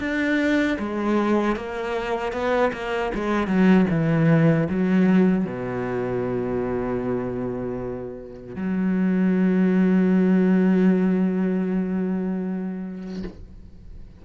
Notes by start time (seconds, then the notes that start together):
0.00 D4
0.79 G#3
1.57 A#3
2.33 B3
2.73 A#3
3.15 G#3
3.47 F#3
3.90 E3
4.70 F#3
5.45 B2
8.56 F#3